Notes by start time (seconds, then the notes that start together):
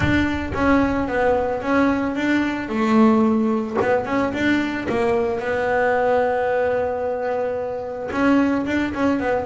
0.00 D4
0.54 C#4
1.08 B3
1.61 C#4
2.15 D4
2.69 A3
3.81 B3
4.05 C#4
4.33 D4
4.88 A#3
5.39 B3
8.11 C#4
8.66 D4
8.93 C#4
9.19 B3